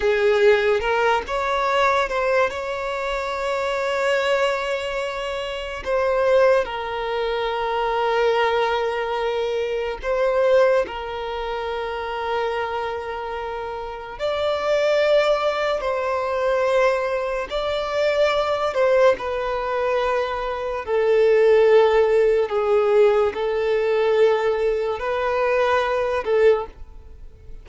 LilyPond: \new Staff \with { instrumentName = "violin" } { \time 4/4 \tempo 4 = 72 gis'4 ais'8 cis''4 c''8 cis''4~ | cis''2. c''4 | ais'1 | c''4 ais'2.~ |
ais'4 d''2 c''4~ | c''4 d''4. c''8 b'4~ | b'4 a'2 gis'4 | a'2 b'4. a'8 | }